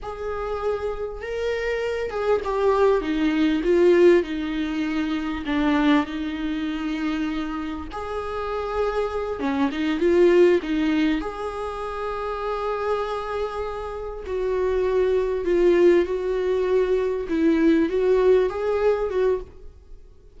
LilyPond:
\new Staff \with { instrumentName = "viola" } { \time 4/4 \tempo 4 = 99 gis'2 ais'4. gis'8 | g'4 dis'4 f'4 dis'4~ | dis'4 d'4 dis'2~ | dis'4 gis'2~ gis'8 cis'8 |
dis'8 f'4 dis'4 gis'4.~ | gis'2.~ gis'8 fis'8~ | fis'4. f'4 fis'4.~ | fis'8 e'4 fis'4 gis'4 fis'8 | }